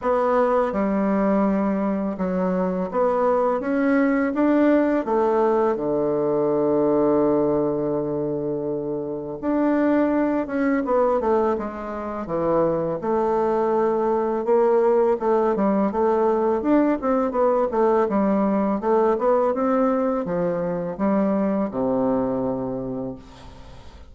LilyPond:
\new Staff \with { instrumentName = "bassoon" } { \time 4/4 \tempo 4 = 83 b4 g2 fis4 | b4 cis'4 d'4 a4 | d1~ | d4 d'4. cis'8 b8 a8 |
gis4 e4 a2 | ais4 a8 g8 a4 d'8 c'8 | b8 a8 g4 a8 b8 c'4 | f4 g4 c2 | }